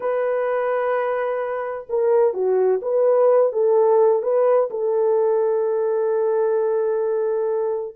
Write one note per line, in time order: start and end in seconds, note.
0.00 1.86 B4
1.89 2.33 A#4
2.33 2.80 F#4
2.82 3.52 B4
3.52 4.22 A4
4.22 4.69 B4
4.70 7.95 A4